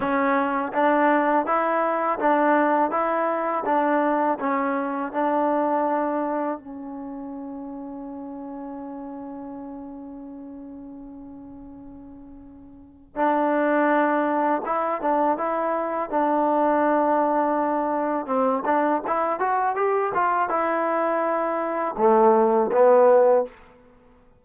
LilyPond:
\new Staff \with { instrumentName = "trombone" } { \time 4/4 \tempo 4 = 82 cis'4 d'4 e'4 d'4 | e'4 d'4 cis'4 d'4~ | d'4 cis'2.~ | cis'1~ |
cis'2 d'2 | e'8 d'8 e'4 d'2~ | d'4 c'8 d'8 e'8 fis'8 g'8 f'8 | e'2 a4 b4 | }